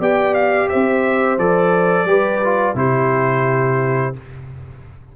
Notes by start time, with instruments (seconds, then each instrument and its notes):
0.00 tuba B3, trombone G4, horn D5, trumpet G5
0.35 trumpet F5
0.69 tuba C4, horn C5, trumpet E5
1.38 tuba F3, trombone A4, trumpet D5
2.05 tuba G3, trombone G4, horn B4
2.44 trombone F4
2.75 tuba C3, trombone E4, horn G4, trumpet C5